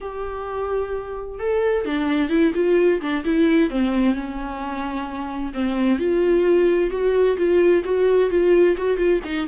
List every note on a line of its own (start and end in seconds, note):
0.00 1.39 G4
1.39 1.85 A4
1.85 2.29 D4
2.29 2.52 E4
2.54 3.00 F4
3.01 3.24 D4
3.24 3.70 E4
3.70 4.14 C4
4.14 5.53 C#4
5.53 5.98 C4
5.98 6.90 F4
6.90 7.36 F#4
7.37 7.83 F4
7.84 8.30 F#4
8.30 8.76 F4
8.77 8.97 F#4
8.97 9.20 F4
9.24 9.47 D#4